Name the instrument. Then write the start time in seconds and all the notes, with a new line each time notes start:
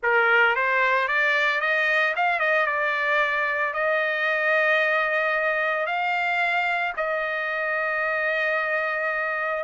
trumpet
0.03 A#4
0.55 C5
1.07 D5
1.60 D#5
2.16 F5
2.39 D#5
2.66 D5
3.73 D#5
5.86 F5
6.96 D#5